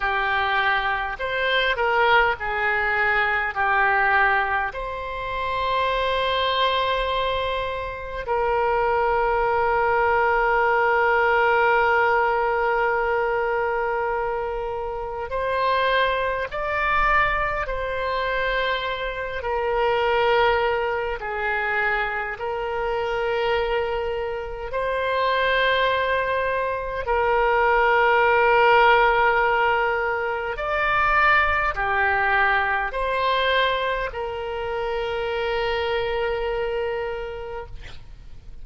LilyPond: \new Staff \with { instrumentName = "oboe" } { \time 4/4 \tempo 4 = 51 g'4 c''8 ais'8 gis'4 g'4 | c''2. ais'4~ | ais'1~ | ais'4 c''4 d''4 c''4~ |
c''8 ais'4. gis'4 ais'4~ | ais'4 c''2 ais'4~ | ais'2 d''4 g'4 | c''4 ais'2. | }